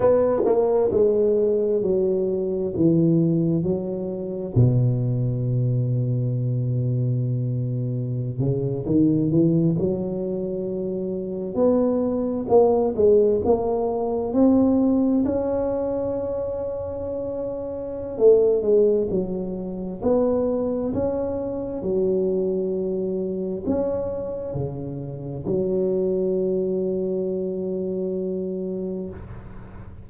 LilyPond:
\new Staff \with { instrumentName = "tuba" } { \time 4/4 \tempo 4 = 66 b8 ais8 gis4 fis4 e4 | fis4 b,2.~ | b,4~ b,16 cis8 dis8 e8 fis4~ fis16~ | fis8. b4 ais8 gis8 ais4 c'16~ |
c'8. cis'2.~ cis'16 | a8 gis8 fis4 b4 cis'4 | fis2 cis'4 cis4 | fis1 | }